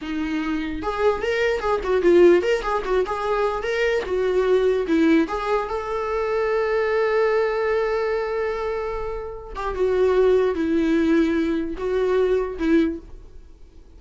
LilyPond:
\new Staff \with { instrumentName = "viola" } { \time 4/4 \tempo 4 = 148 dis'2 gis'4 ais'4 | gis'8 fis'8 f'4 ais'8 gis'8 fis'8 gis'8~ | gis'4 ais'4 fis'2 | e'4 gis'4 a'2~ |
a'1~ | a'2.~ a'8 g'8 | fis'2 e'2~ | e'4 fis'2 e'4 | }